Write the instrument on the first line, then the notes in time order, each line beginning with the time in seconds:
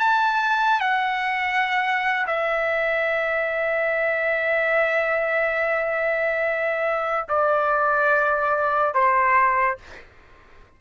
trumpet
0.00 A5
0.81 F#5
2.28 E5
7.29 D5
8.95 C5